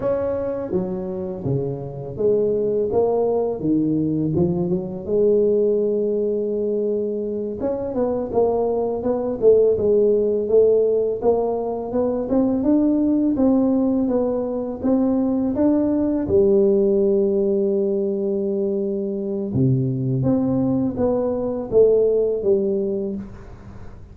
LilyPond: \new Staff \with { instrumentName = "tuba" } { \time 4/4 \tempo 4 = 83 cis'4 fis4 cis4 gis4 | ais4 dis4 f8 fis8 gis4~ | gis2~ gis8 cis'8 b8 ais8~ | ais8 b8 a8 gis4 a4 ais8~ |
ais8 b8 c'8 d'4 c'4 b8~ | b8 c'4 d'4 g4.~ | g2. c4 | c'4 b4 a4 g4 | }